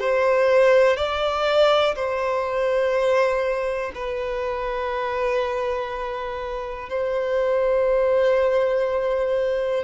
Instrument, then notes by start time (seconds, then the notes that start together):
violin
0.00 C5
0.97 D5
1.95 C5
3.95 B4
6.89 C5